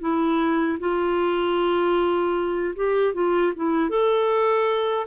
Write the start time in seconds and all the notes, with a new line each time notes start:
0.00 E4
0.79 F4
2.76 G4
3.14 F4
3.56 E4
3.90 A4